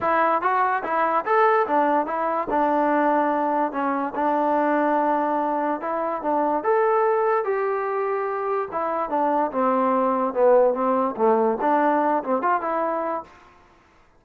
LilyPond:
\new Staff \with { instrumentName = "trombone" } { \time 4/4 \tempo 4 = 145 e'4 fis'4 e'4 a'4 | d'4 e'4 d'2~ | d'4 cis'4 d'2~ | d'2 e'4 d'4 |
a'2 g'2~ | g'4 e'4 d'4 c'4~ | c'4 b4 c'4 a4 | d'4. c'8 f'8 e'4. | }